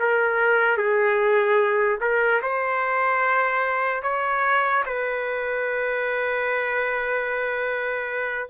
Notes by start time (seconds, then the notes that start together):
0.00 A#4
0.78 G#4
2.01 A#4
2.43 C5
4.03 C#5
4.86 B4